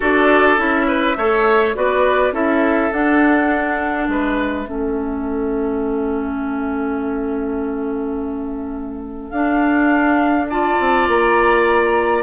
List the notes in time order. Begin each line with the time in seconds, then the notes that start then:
0.00 D4 F#4 A4 D5
0.57 C#4 E4 E5
0.87 B4
1.17 A3 A4 C#5
1.75 B3 F#4 B4 D5
2.32 C#4 E4 A4 E5
2.91 D4 F#5
4.07 G#3 B4 E5
4.65 A3 C#4 A4
9.29 D4 F5
10.49 F4 D5 A5
10.79 C4
11.08 A#3 A#5